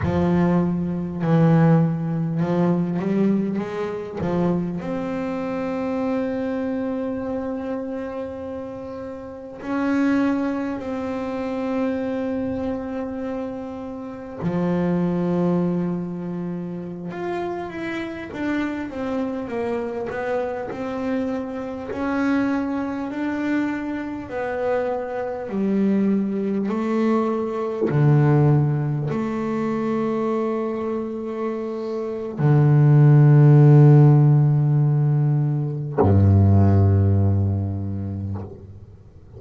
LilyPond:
\new Staff \with { instrumentName = "double bass" } { \time 4/4 \tempo 4 = 50 f4 e4 f8 g8 gis8 f8 | c'1 | cis'4 c'2. | f2~ f16 f'8 e'8 d'8 c'16~ |
c'16 ais8 b8 c'4 cis'4 d'8.~ | d'16 b4 g4 a4 d8.~ | d16 a2~ a8. d4~ | d2 g,2 | }